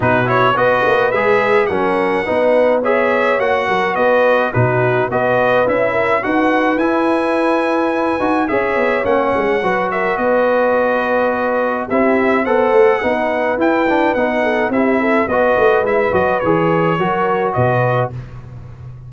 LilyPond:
<<
  \new Staff \with { instrumentName = "trumpet" } { \time 4/4 \tempo 4 = 106 b'8 cis''8 dis''4 e''4 fis''4~ | fis''4 e''4 fis''4 dis''4 | b'4 dis''4 e''4 fis''4 | gis''2. e''4 |
fis''4. e''8 dis''2~ | dis''4 e''4 fis''2 | g''4 fis''4 e''4 dis''4 | e''8 dis''8 cis''2 dis''4 | }
  \new Staff \with { instrumentName = "horn" } { \time 4/4 fis'4 b'2 ais'4 | b'4 cis''4. ais'8 b'4 | fis'4 b'4. ais'8 b'4~ | b'2. cis''4~ |
cis''4 b'8 ais'8 b'2~ | b'4 g'4 c''4 b'4~ | b'4. a'8 g'8 a'8 b'4~ | b'2 ais'4 b'4 | }
  \new Staff \with { instrumentName = "trombone" } { \time 4/4 dis'8 e'8 fis'4 gis'4 cis'4 | dis'4 gis'4 fis'2 | dis'4 fis'4 e'4 fis'4 | e'2~ e'8 fis'8 gis'4 |
cis'4 fis'2.~ | fis'4 e'4 a'4 dis'4 | e'8 d'8 dis'4 e'4 fis'4 | e'8 fis'8 gis'4 fis'2 | }
  \new Staff \with { instrumentName = "tuba" } { \time 4/4 b,4 b8 ais8 gis4 fis4 | b2 ais8 fis8 b4 | b,4 b4 cis'4 dis'4 | e'2~ e'8 dis'8 cis'8 b8 |
ais8 gis8 fis4 b2~ | b4 c'4 b8 a8 b4 | e'4 b4 c'4 b8 a8 | gis8 fis8 e4 fis4 b,4 | }
>>